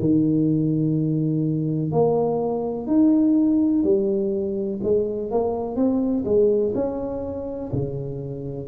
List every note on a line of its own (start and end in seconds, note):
0.00 1.92 D#3
1.92 2.87 A#3
2.87 3.84 D#4
3.84 4.81 G3
4.83 5.32 G#3
5.32 5.76 A#3
5.76 6.25 C4
6.26 6.74 G#3
6.75 7.72 C#4
7.73 8.68 C#3